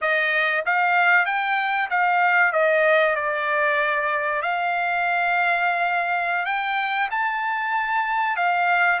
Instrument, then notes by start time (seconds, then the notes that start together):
trumpet
0.01 D#5
0.65 F5
1.25 G5
1.89 F5
2.52 D#5
3.15 D5
4.42 F5
6.45 G5
7.11 A5
8.36 F5